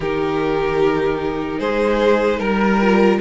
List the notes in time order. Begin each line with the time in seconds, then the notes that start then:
0.00 D#3 D#4 G4 A#4
1.59 G#3 G#4 C5
2.39 G3 A#4
2.81 F4